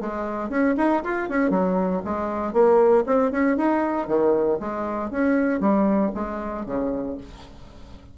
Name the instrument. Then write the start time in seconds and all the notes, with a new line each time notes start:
bassoon
0.00 G#3
0.49 C#4
0.77 D#4
1.03 F4
1.29 C#4
1.50 F#3
2.04 G#3
2.53 A#3
3.06 C4
3.31 C#4
3.57 D#4
4.07 D#3
4.60 G#3
5.10 C#4
5.60 G3
6.14 G#3
6.66 C#3